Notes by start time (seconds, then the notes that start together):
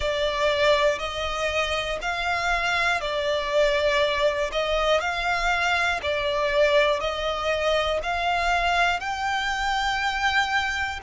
0.00 D5
0.99 D#5
2.01 F5
3.00 D5
4.51 D#5
5.00 F5
6.02 D5
7.00 D#5
8.03 F5
9.00 G5